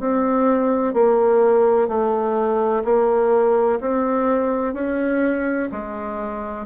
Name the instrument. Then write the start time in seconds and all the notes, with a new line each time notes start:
bassoon
0.00 C4
0.94 A#3
1.88 A3
2.85 A#3
3.81 C4
4.74 C#4
5.72 G#3